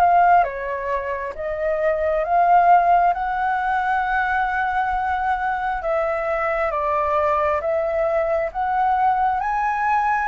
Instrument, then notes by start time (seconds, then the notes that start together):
flute
0.00 F5
0.44 C#5
1.35 D#5
2.24 F5
3.13 F#5
5.82 E5
6.71 D5
7.61 E5
8.52 F#5
9.40 G#5